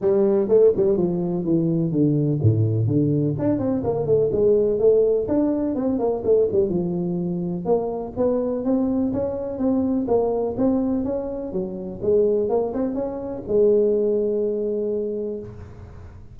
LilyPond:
\new Staff \with { instrumentName = "tuba" } { \time 4/4 \tempo 4 = 125 g4 a8 g8 f4 e4 | d4 a,4 d4 d'8 c'8 | ais8 a8 gis4 a4 d'4 | c'8 ais8 a8 g8 f2 |
ais4 b4 c'4 cis'4 | c'4 ais4 c'4 cis'4 | fis4 gis4 ais8 c'8 cis'4 | gis1 | }